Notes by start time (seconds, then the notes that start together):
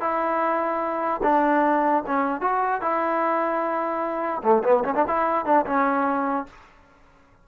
0.00 E4
1.23 D4
2.06 C#4
2.41 F#4
2.81 E4
4.43 A3
4.63 B3
4.84 C#4
4.95 D4
5.07 E4
5.45 D4
5.65 C#4